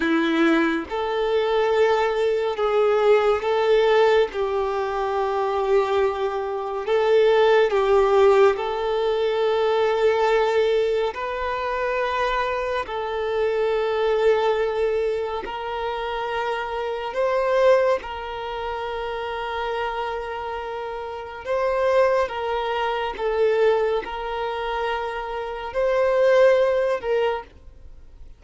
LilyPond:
\new Staff \with { instrumentName = "violin" } { \time 4/4 \tempo 4 = 70 e'4 a'2 gis'4 | a'4 g'2. | a'4 g'4 a'2~ | a'4 b'2 a'4~ |
a'2 ais'2 | c''4 ais'2.~ | ais'4 c''4 ais'4 a'4 | ais'2 c''4. ais'8 | }